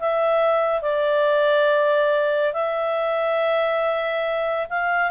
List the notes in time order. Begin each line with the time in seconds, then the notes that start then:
0.00 E5
0.82 D5
2.54 E5
4.70 F5